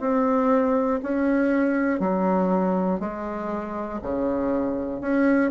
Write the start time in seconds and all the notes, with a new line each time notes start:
0.00 C4
1.02 C#4
2.00 F#3
3.00 G#3
4.02 C#3
5.01 C#4